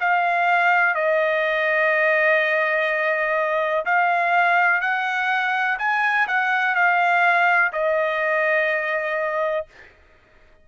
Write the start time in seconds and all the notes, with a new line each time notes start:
0.00 F5
0.95 D#5
3.85 F5
4.81 F#5
5.78 G#5
6.27 F#5
6.75 F5
7.72 D#5